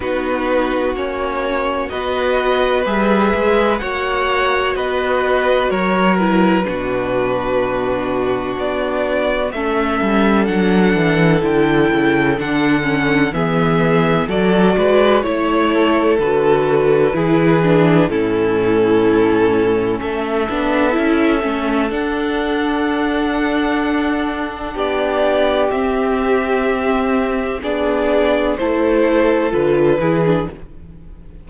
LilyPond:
<<
  \new Staff \with { instrumentName = "violin" } { \time 4/4 \tempo 4 = 63 b'4 cis''4 dis''4 e''4 | fis''4 dis''4 cis''8 b'4.~ | b'4 d''4 e''4 fis''4 | g''4 fis''4 e''4 d''4 |
cis''4 b'2 a'4~ | a'4 e''2 fis''4~ | fis''2 d''4 e''4~ | e''4 d''4 c''4 b'4 | }
  \new Staff \with { instrumentName = "violin" } { \time 4/4 fis'2 b'2 | cis''4 b'4 ais'4 fis'4~ | fis'2 a'2~ | a'2 gis'4 a'8 b'8 |
cis''8 a'4. gis'4 e'4~ | e'4 a'2.~ | a'2 g'2~ | g'4 gis'4 a'4. gis'8 | }
  \new Staff \with { instrumentName = "viola" } { \time 4/4 dis'4 cis'4 fis'4 gis'4 | fis'2~ fis'8 e'8 d'4~ | d'2 cis'4 d'4 | e'4 d'8 cis'8 b4 fis'4 |
e'4 fis'4 e'8 d'8 cis'4~ | cis'4. d'8 e'8 cis'8 d'4~ | d'2. c'4~ | c'4 d'4 e'4 f'8 e'16 d'16 | }
  \new Staff \with { instrumentName = "cello" } { \time 4/4 b4 ais4 b4 g8 gis8 | ais4 b4 fis4 b,4~ | b,4 b4 a8 g8 fis8 e8 | d8 cis8 d4 e4 fis8 gis8 |
a4 d4 e4 a,4~ | a,4 a8 b8 cis'8 a8 d'4~ | d'2 b4 c'4~ | c'4 b4 a4 d8 e8 | }
>>